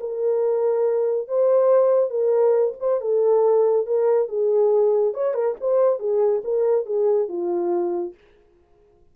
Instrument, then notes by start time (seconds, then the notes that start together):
horn
0.00 A#4
1.28 C5
2.10 A#4
2.80 C5
3.01 A4
3.87 A#4
4.29 G#4
5.14 C#5
5.34 A#4
5.61 C5
6.00 G#4
6.44 A#4
6.86 G#4
7.29 F4